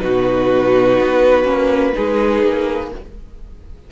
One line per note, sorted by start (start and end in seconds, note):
0.00 0.99 B2
0.00 1.44 D#4
0.00 1.94 F#4
0.00 2.90 B4
1.00 1.44 B3
1.44 1.93 A#3
1.44 1.93 C#4
1.93 2.43 G#3
1.93 2.90 D#4
1.93 2.91 G#4
2.43 2.91 A#3